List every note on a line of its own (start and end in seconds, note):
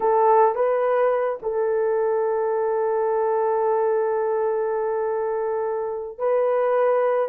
0.00 0.55 A4
0.55 1.39 B4
1.42 6.18 A4
6.18 7.28 B4